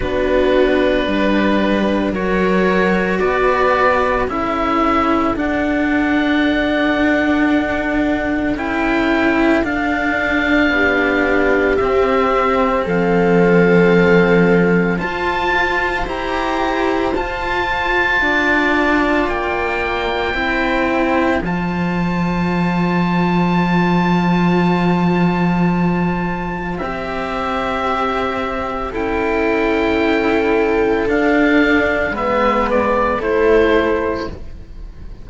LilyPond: <<
  \new Staff \with { instrumentName = "oboe" } { \time 4/4 \tempo 4 = 56 b'2 cis''4 d''4 | e''4 fis''2. | g''4 f''2 e''4 | f''2 a''4 ais''4 |
a''2 g''2 | a''1~ | a''4 e''2 g''4~ | g''4 f''4 e''8 d''8 c''4 | }
  \new Staff \with { instrumentName = "viola" } { \time 4/4 fis'4 b'4 ais'4 b'4 | a'1~ | a'2 g'2 | a'2 c''2~ |
c''4 d''2 c''4~ | c''1~ | c''2. a'4~ | a'2 b'4 a'4 | }
  \new Staff \with { instrumentName = "cello" } { \time 4/4 d'2 fis'2 | e'4 d'2. | e'4 d'2 c'4~ | c'2 f'4 g'4 |
f'2. e'4 | f'1~ | f'4 g'2 e'4~ | e'4 d'4 b4 e'4 | }
  \new Staff \with { instrumentName = "cello" } { \time 4/4 b4 g4 fis4 b4 | cis'4 d'2. | cis'4 d'4 b4 c'4 | f2 f'4 e'4 |
f'4 d'4 ais4 c'4 | f1~ | f4 c'2 cis'4~ | cis'4 d'4 gis4 a4 | }
>>